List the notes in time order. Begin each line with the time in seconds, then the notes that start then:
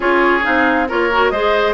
0.00 C#4 F4 G#4 C#5
0.42 C4 D#4 F5
0.88 A#3 F4 A#4 C#5
1.12 F#4
1.29 G#3 G#4 C5 D#5